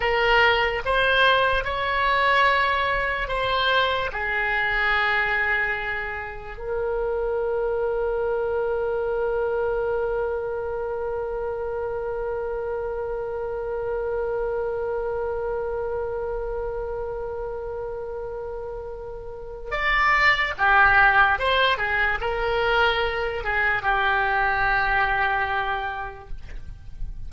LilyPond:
\new Staff \with { instrumentName = "oboe" } { \time 4/4 \tempo 4 = 73 ais'4 c''4 cis''2 | c''4 gis'2. | ais'1~ | ais'1~ |
ais'1~ | ais'1 | d''4 g'4 c''8 gis'8 ais'4~ | ais'8 gis'8 g'2. | }